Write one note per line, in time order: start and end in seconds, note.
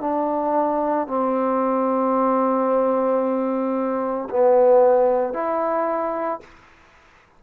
0.00 1.07 D4
1.07 4.29 C4
4.30 5.33 B3
5.33 6.40 E4